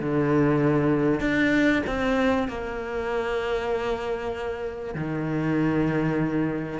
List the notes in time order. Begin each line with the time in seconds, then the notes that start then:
0.00 D3
1.20 D4
1.87 C4
2.48 A#3
4.95 D#3